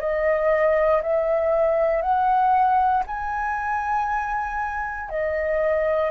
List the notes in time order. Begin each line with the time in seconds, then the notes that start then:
0.00 D#5
1.02 E5
2.02 F#5
3.07 G#5
5.09 D#5